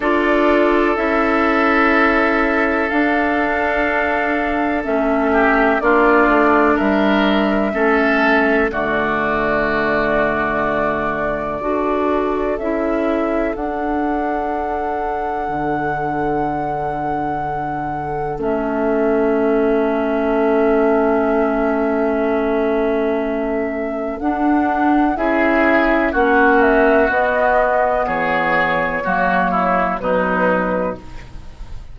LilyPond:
<<
  \new Staff \with { instrumentName = "flute" } { \time 4/4 \tempo 4 = 62 d''4 e''2 f''4~ | f''4 e''4 d''4 e''4~ | e''4 d''2.~ | d''4 e''4 fis''2~ |
fis''2. e''4~ | e''1~ | e''4 fis''4 e''4 fis''8 e''8 | dis''4 cis''2 b'4 | }
  \new Staff \with { instrumentName = "oboe" } { \time 4/4 a'1~ | a'4. g'8 f'4 ais'4 | a'4 fis'2. | a'1~ |
a'1~ | a'1~ | a'2 gis'4 fis'4~ | fis'4 gis'4 fis'8 e'8 dis'4 | }
  \new Staff \with { instrumentName = "clarinet" } { \time 4/4 f'4 e'2 d'4~ | d'4 cis'4 d'2 | cis'4 a2. | fis'4 e'4 d'2~ |
d'2. cis'4~ | cis'1~ | cis'4 d'4 e'4 cis'4 | b2 ais4 fis4 | }
  \new Staff \with { instrumentName = "bassoon" } { \time 4/4 d'4 cis'2 d'4~ | d'4 a4 ais8 a8 g4 | a4 d2. | d'4 cis'4 d'2 |
d2. a4~ | a1~ | a4 d'4 cis'4 ais4 | b4 e4 fis4 b,4 | }
>>